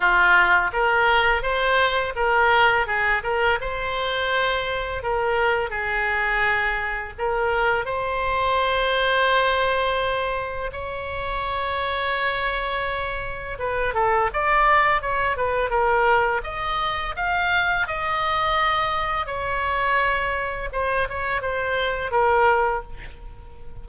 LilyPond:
\new Staff \with { instrumentName = "oboe" } { \time 4/4 \tempo 4 = 84 f'4 ais'4 c''4 ais'4 | gis'8 ais'8 c''2 ais'4 | gis'2 ais'4 c''4~ | c''2. cis''4~ |
cis''2. b'8 a'8 | d''4 cis''8 b'8 ais'4 dis''4 | f''4 dis''2 cis''4~ | cis''4 c''8 cis''8 c''4 ais'4 | }